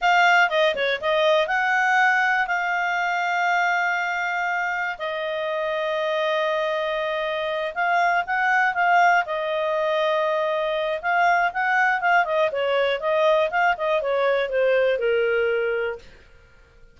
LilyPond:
\new Staff \with { instrumentName = "clarinet" } { \time 4/4 \tempo 4 = 120 f''4 dis''8 cis''8 dis''4 fis''4~ | fis''4 f''2.~ | f''2 dis''2~ | dis''2.~ dis''8 f''8~ |
f''8 fis''4 f''4 dis''4.~ | dis''2 f''4 fis''4 | f''8 dis''8 cis''4 dis''4 f''8 dis''8 | cis''4 c''4 ais'2 | }